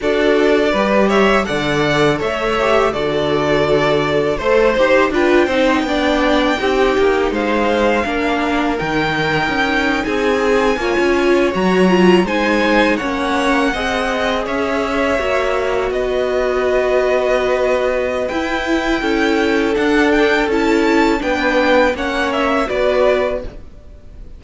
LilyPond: <<
  \new Staff \with { instrumentName = "violin" } { \time 4/4 \tempo 4 = 82 d''4. e''8 fis''4 e''4 | d''2 c''4 g''4~ | g''2 f''2 | g''4.~ g''16 gis''2 ais''16~ |
ais''8. gis''4 fis''2 e''16~ | e''4.~ e''16 dis''2~ dis''16~ | dis''4 g''2 fis''8 g''8 | a''4 g''4 fis''8 e''8 d''4 | }
  \new Staff \with { instrumentName = "violin" } { \time 4/4 a'4 b'8 cis''8 d''4 cis''4 | a'2 c''4 b'8 c''8 | d''4 g'4 c''4 ais'4~ | ais'4.~ ais'16 gis'4 cis''4~ cis''16~ |
cis''8. c''4 cis''4 dis''4 cis''16~ | cis''4.~ cis''16 b'2~ b'16~ | b'2 a'2~ | a'4 b'4 cis''4 b'4 | }
  \new Staff \with { instrumentName = "viola" } { \time 4/4 fis'4 g'4 a'4. g'8 | fis'2 a'8 g'8 f'8 dis'8 | d'4 dis'2 d'4 | dis'2~ dis'8. f'4 fis'16~ |
fis'16 f'8 dis'4 cis'4 gis'4~ gis'16~ | gis'8. fis'2.~ fis'16~ | fis'4 e'2 d'4 | e'4 d'4 cis'4 fis'4 | }
  \new Staff \with { instrumentName = "cello" } { \time 4/4 d'4 g4 d4 a4 | d2 a8 dis'8 d'8 c'8 | b4 c'8 ais8 gis4 ais4 | dis4 cis'8. c'4 ais16 cis'8. fis16~ |
fis8. gis4 ais4 c'4 cis'16~ | cis'8. ais4 b2~ b16~ | b4 e'4 cis'4 d'4 | cis'4 b4 ais4 b4 | }
>>